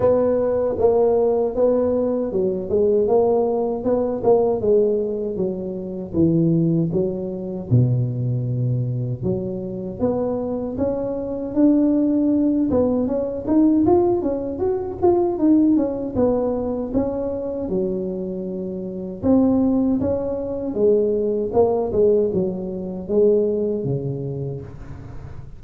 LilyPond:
\new Staff \with { instrumentName = "tuba" } { \time 4/4 \tempo 4 = 78 b4 ais4 b4 fis8 gis8 | ais4 b8 ais8 gis4 fis4 | e4 fis4 b,2 | fis4 b4 cis'4 d'4~ |
d'8 b8 cis'8 dis'8 f'8 cis'8 fis'8 f'8 | dis'8 cis'8 b4 cis'4 fis4~ | fis4 c'4 cis'4 gis4 | ais8 gis8 fis4 gis4 cis4 | }